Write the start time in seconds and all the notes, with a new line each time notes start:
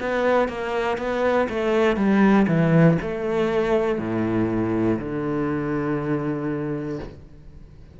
0.00 B3
0.49 A#3
0.98 B3
1.49 A3
1.97 G3
2.48 E3
3.02 A3
3.99 A2
5.00 D3